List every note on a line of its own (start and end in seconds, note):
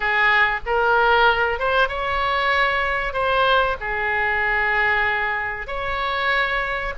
0.00 0.60 G#4
0.66 1.59 A#4
1.59 1.88 C5
1.88 3.13 C#5
3.13 3.76 C5
3.80 5.67 G#4
5.67 6.93 C#5